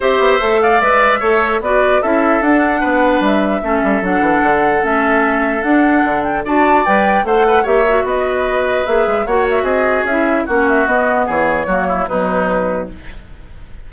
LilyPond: <<
  \new Staff \with { instrumentName = "flute" } { \time 4/4 \tempo 4 = 149 e''4. f''8 e''2 | d''4 e''4 fis''2 | e''2 fis''2 | e''2 fis''4. g''8 |
a''4 g''4 fis''4 e''4 | dis''2 e''4 fis''8 e''8 | dis''4 e''4 fis''8 e''8 dis''4 | cis''2 b'2 | }
  \new Staff \with { instrumentName = "oboe" } { \time 4/4 c''4. d''4. cis''4 | b'4 a'2 b'4~ | b'4 a'2.~ | a'1 |
d''2 c''8 b'8 cis''4 | b'2. cis''4 | gis'2 fis'2 | gis'4 fis'8 e'8 dis'2 | }
  \new Staff \with { instrumentName = "clarinet" } { \time 4/4 g'4 a'4 b'4 a'4 | fis'4 e'4 d'2~ | d'4 cis'4 d'2 | cis'2 d'2 |
fis'4 b'4 a'4 g'8 fis'8~ | fis'2 gis'4 fis'4~ | fis'4 e'4 cis'4 b4~ | b4 ais4 fis2 | }
  \new Staff \with { instrumentName = "bassoon" } { \time 4/4 c'8 b8 a4 gis4 a4 | b4 cis'4 d'4 b4 | g4 a8 g8 fis8 e8 d4 | a2 d'4 d4 |
d'4 g4 a4 ais4 | b2 ais8 gis8 ais4 | c'4 cis'4 ais4 b4 | e4 fis4 b,2 | }
>>